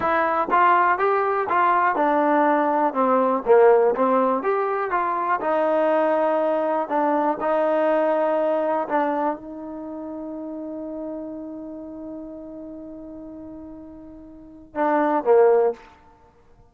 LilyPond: \new Staff \with { instrumentName = "trombone" } { \time 4/4 \tempo 4 = 122 e'4 f'4 g'4 f'4 | d'2 c'4 ais4 | c'4 g'4 f'4 dis'4~ | dis'2 d'4 dis'4~ |
dis'2 d'4 dis'4~ | dis'1~ | dis'1~ | dis'2 d'4 ais4 | }